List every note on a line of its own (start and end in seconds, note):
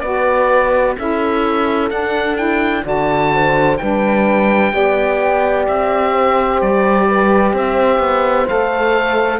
0.00 0.96 B3
0.00 0.96 F#4
0.00 0.97 B4
0.00 0.94 D5
0.97 1.91 C#4
0.97 1.90 E4
0.97 2.85 A4
0.97 1.90 E5
1.90 2.36 D4
1.90 2.84 D4
1.90 2.37 F#5
2.36 2.82 E4
2.36 2.83 G5
2.82 3.79 D3
2.82 3.76 F#4
2.82 3.32 D5
2.82 3.77 A5
3.34 3.80 C5
3.77 4.73 G3
3.77 4.71 D4
3.77 4.74 B4
3.77 5.65 G5
4.71 5.67 B3
4.71 8.46 G4
4.71 6.12 D5
5.68 6.61 C4
5.68 6.61 E5
6.12 7.06 C5
6.61 7.53 G3
6.61 7.55 D5
7.08 7.54 B4
7.53 7.99 C4
7.53 9.39 C5
7.53 8.48 E5
7.99 8.46 B3
8.47 9.39 A3
8.47 9.39 A4
8.47 9.39 F5